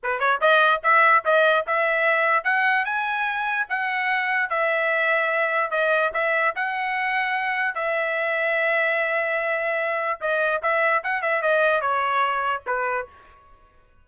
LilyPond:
\new Staff \with { instrumentName = "trumpet" } { \time 4/4 \tempo 4 = 147 b'8 cis''8 dis''4 e''4 dis''4 | e''2 fis''4 gis''4~ | gis''4 fis''2 e''4~ | e''2 dis''4 e''4 |
fis''2. e''4~ | e''1~ | e''4 dis''4 e''4 fis''8 e''8 | dis''4 cis''2 b'4 | }